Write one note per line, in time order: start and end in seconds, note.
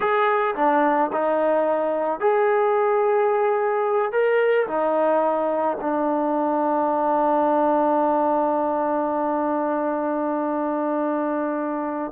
0.00 0.54 G#4
0.55 1.10 D4
1.12 2.20 D#4
2.20 4.11 G#4
4.11 4.66 A#4
4.67 5.77 D#4
5.80 12.12 D4